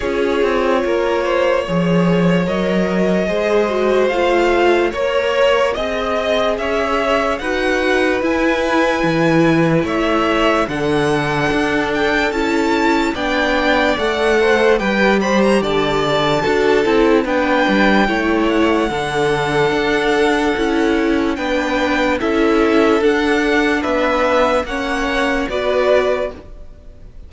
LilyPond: <<
  \new Staff \with { instrumentName = "violin" } { \time 4/4 \tempo 4 = 73 cis''2. dis''4~ | dis''4 f''4 cis''4 dis''4 | e''4 fis''4 gis''2 | e''4 fis''4. g''8 a''4 |
g''4 fis''4 g''8 b''16 ais''16 a''4~ | a''4 g''4. fis''4.~ | fis''2 g''4 e''4 | fis''4 e''4 fis''4 d''4 | }
  \new Staff \with { instrumentName = "violin" } { \time 4/4 gis'4 ais'8 c''8 cis''2 | c''2 cis''4 dis''4 | cis''4 b'2. | cis''4 a'2. |
d''4. c''8 b'8 c''8 d''4 | a'4 b'4 cis''4 a'4~ | a'2 b'4 a'4~ | a'4 b'4 cis''4 b'4 | }
  \new Staff \with { instrumentName = "viola" } { \time 4/4 f'2 gis'4 ais'4 | gis'8 fis'8 f'4 ais'4 gis'4~ | gis'4 fis'4 e'2~ | e'4 d'2 e'4 |
d'4 a'4 g'2 | fis'8 e'8 d'4 e'4 d'4~ | d'4 e'4 d'4 e'4 | d'2 cis'4 fis'4 | }
  \new Staff \with { instrumentName = "cello" } { \time 4/4 cis'8 c'8 ais4 f4 fis4 | gis4 a4 ais4 c'4 | cis'4 dis'4 e'4 e4 | a4 d4 d'4 cis'4 |
b4 a4 g4 d4 | d'8 c'8 b8 g8 a4 d4 | d'4 cis'4 b4 cis'4 | d'4 b4 ais4 b4 | }
>>